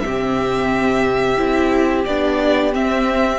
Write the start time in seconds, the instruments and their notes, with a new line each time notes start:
0.00 cello C3, viola C4, violin G4 E5
1.38 cello C4, viola E4
2.05 cello B3, viola D4, violin D5
2.72 viola C4, cello C4, violin E5